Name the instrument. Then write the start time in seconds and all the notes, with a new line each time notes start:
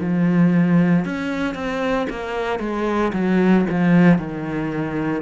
cello
0.00 F3
1.05 C#4
1.55 C4
2.10 A#3
2.59 G#3
3.13 F#3
3.69 F3
4.18 D#3